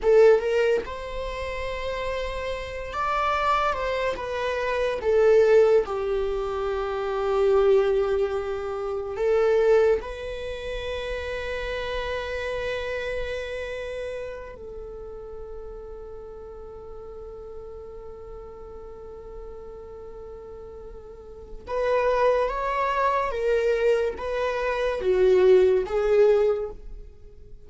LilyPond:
\new Staff \with { instrumentName = "viola" } { \time 4/4 \tempo 4 = 72 a'8 ais'8 c''2~ c''8 d''8~ | d''8 c''8 b'4 a'4 g'4~ | g'2. a'4 | b'1~ |
b'4. a'2~ a'8~ | a'1~ | a'2 b'4 cis''4 | ais'4 b'4 fis'4 gis'4 | }